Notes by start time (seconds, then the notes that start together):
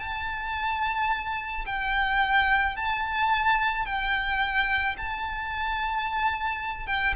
0.00 A5
1.66 G5
2.76 A5
3.86 G5
4.97 A5
6.87 G5